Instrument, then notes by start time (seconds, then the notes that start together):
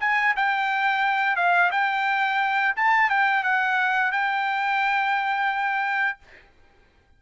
trumpet
0.00 G#5
0.36 G5
1.36 F5
1.71 G5
2.76 A5
3.10 G5
3.43 F#5
4.11 G5